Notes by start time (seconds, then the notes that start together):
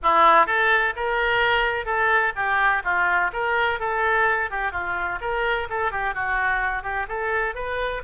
0.03 E4
0.46 A4
0.96 A#4
1.85 A4
2.35 G4
2.84 F4
3.32 A#4
3.79 A4
4.50 G4
4.72 F4
5.20 A#4
5.69 A4
5.91 G4
6.14 F#4
6.82 G4
7.08 A4
7.55 B4